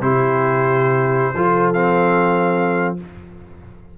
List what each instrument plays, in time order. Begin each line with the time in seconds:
0.00 tuba C3, trombone E4, horn G4, trumpet C5
1.34 tuba F3, trombone F4, horn A4
1.73 trombone C4, trumpet F5